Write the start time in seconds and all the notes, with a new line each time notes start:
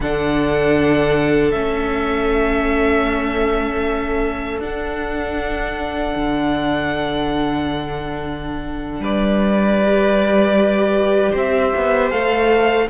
0.00 D3 D4 A4 F#5
1.51 A3 C#4 E5
4.59 D4 F#5
6.15 D3
8.99 G3 B4 D5
9.82 G4
11.31 C4 C5 E5
11.76 B3
12.10 A3 A4 F5